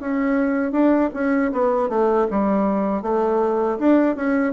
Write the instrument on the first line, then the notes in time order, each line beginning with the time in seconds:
bassoon
0.00 C#4
0.72 D4
1.14 C#4
1.52 B3
1.89 A3
2.31 G3
3.02 A3
3.79 D4
4.16 C#4